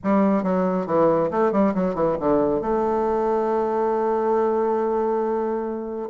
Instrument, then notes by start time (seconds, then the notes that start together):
bassoon
0.03 G3
0.43 F#3
0.86 E3
1.30 A3
1.52 G3
1.74 F#3
1.95 E3
2.19 D3
2.61 A3